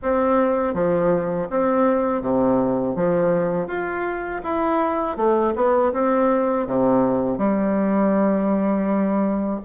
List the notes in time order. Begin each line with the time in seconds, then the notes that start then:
0.02 C4
0.74 F3
1.49 C4
2.21 C3
2.95 F3
3.67 F4
4.43 E4
5.16 A3
5.55 B3
5.92 C4
6.66 C3
7.37 G3